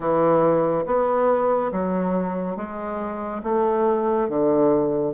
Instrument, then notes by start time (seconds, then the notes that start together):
bassoon
0.00 E3
0.86 B3
1.71 F#3
2.56 G#3
3.43 A3
4.29 D3